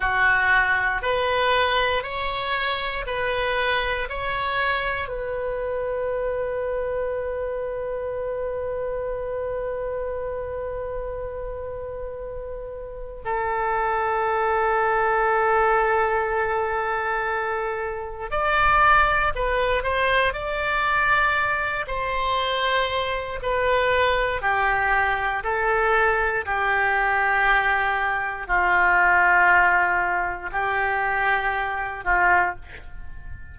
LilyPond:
\new Staff \with { instrumentName = "oboe" } { \time 4/4 \tempo 4 = 59 fis'4 b'4 cis''4 b'4 | cis''4 b'2.~ | b'1~ | b'4 a'2.~ |
a'2 d''4 b'8 c''8 | d''4. c''4. b'4 | g'4 a'4 g'2 | f'2 g'4. f'8 | }